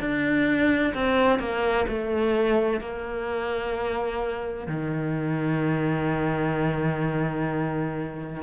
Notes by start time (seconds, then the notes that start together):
0.00 D4
0.94 C4
1.39 A#3
1.88 A3
2.80 A#3
4.67 D#3